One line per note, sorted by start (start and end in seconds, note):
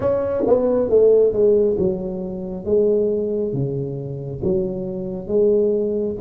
0.00 0.44 C#4
0.47 0.89 B3
0.89 1.32 A3
1.32 1.76 G#3
1.78 2.65 F#3
2.65 3.53 G#3
3.53 4.41 C#3
4.44 5.27 F#3
5.27 6.15 G#3